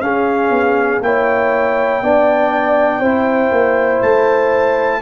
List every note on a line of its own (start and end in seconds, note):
0.00 0.50 C#4
0.00 1.01 C#4
0.00 1.04 G#4
0.00 1.01 F5
0.50 1.00 B3
1.01 2.01 A#3
1.01 2.03 E4
1.01 2.03 C#5
1.01 4.02 G5
2.02 3.00 B3
2.02 3.02 D4
2.02 3.00 D5
3.00 3.50 C4
3.00 5.01 E4
3.00 5.00 C5
3.51 4.01 A#3
4.02 5.01 A3
4.02 5.01 A5